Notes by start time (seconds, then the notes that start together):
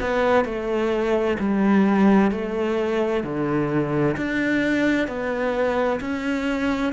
0.00 B3
0.44 A3
1.39 G3
2.31 A3
3.23 D3
4.17 D4
5.07 B3
6.00 C#4